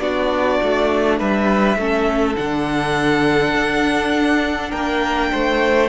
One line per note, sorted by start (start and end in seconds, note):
0.00 0.59 B3
0.00 1.77 D4
0.00 1.19 F#4
0.00 1.18 D5
0.63 1.20 A3
1.19 1.77 G3
1.19 1.78 B4
1.19 2.36 E5
1.77 2.36 A3
1.77 2.36 C#4
1.77 4.70 A4
2.36 3.55 D3
2.36 5.89 D4
2.36 4.71 F#5
3.55 4.72 D4
4.70 5.32 A#3
4.70 5.29 A#4
4.70 5.89 G5
5.32 5.89 A3
5.32 5.89 C5